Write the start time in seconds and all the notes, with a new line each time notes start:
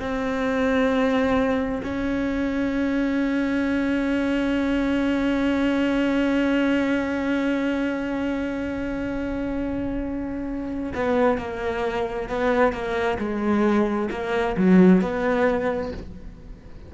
0.00 C4
1.84 C#4
10.95 B3
11.38 A#3
12.29 B3
12.73 A#3
13.19 G#3
14.11 A#3
14.57 F#3
15.02 B3